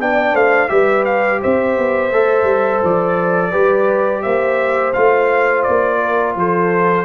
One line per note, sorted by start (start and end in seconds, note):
0.00 0.34 B3
0.00 0.69 D4
0.00 0.34 D5
0.00 0.36 G5
0.34 0.69 A3
0.34 0.69 C5
0.34 0.69 F5
0.69 1.41 G3
0.69 2.10 G4
0.69 1.41 B4
0.69 1.04 E5
1.05 1.40 F5
1.41 1.77 C4
1.41 3.51 C5
1.41 2.84 E5
1.77 2.11 B3
2.11 2.44 A3
2.11 3.52 A4
2.44 2.79 G3
2.84 3.54 F3
2.84 4.22 D5
3.51 4.25 G3
3.51 4.93 G4
3.51 4.21 B4
4.22 4.95 A#3
4.22 6.00 C5
4.22 4.92 E5
4.93 5.67 A3
4.93 7.05 F4
4.93 5.63 F5
5.63 6.36 A#3
5.63 6.33 D5
6.01 6.37 A#4
6.36 7.05 F3
6.36 7.05 A4
6.36 7.05 C5